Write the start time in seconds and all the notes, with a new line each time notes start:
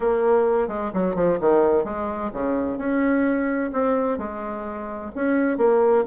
0.00 A#3
0.67 G#3
0.93 F#3
1.15 F3
1.40 D#3
1.84 G#3
2.33 C#3
2.78 C#4
3.72 C4
4.18 G#3
5.15 C#4
5.57 A#3